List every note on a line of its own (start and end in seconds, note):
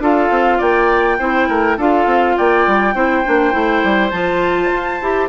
0.00 0.29 D4
0.00 1.20 F4
0.00 0.58 A4
0.00 0.61 F5
0.30 0.60 C4
0.58 1.19 A#3
0.58 1.17 D5
0.58 1.79 G5
1.19 1.49 C4
1.19 1.79 E4
1.19 1.48 C5
1.49 1.78 A3
1.49 1.78 A#4
1.78 2.06 D4
1.78 2.95 F4
1.78 2.36 A4
1.78 2.38 F5
2.06 2.36 C4
2.38 2.67 A#3
2.38 2.95 D5
2.38 4.10 G5
2.67 2.94 G3
2.94 3.24 C4
2.94 3.25 E4
2.94 5.30 C5
3.25 3.54 A#3
3.25 3.52 D4
3.52 3.84 A3
3.52 4.11 E4
3.84 4.12 G3
4.10 4.71 F3
4.10 5.01 F4
4.10 5.28 A5
4.71 5.00 F4
5.01 5.30 E4
5.01 5.30 G4